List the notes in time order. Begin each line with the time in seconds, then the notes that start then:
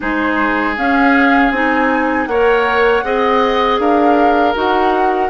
0.00 G#3 D#4 G#4 C5
0.77 C#4 F5
1.50 C4 D#4 G#5
2.26 A#3 A#4 C#5 F#5
3.03 C4 G#4 D#5
3.79 D4 A#4 F5
4.54 D#4 F#4 F#5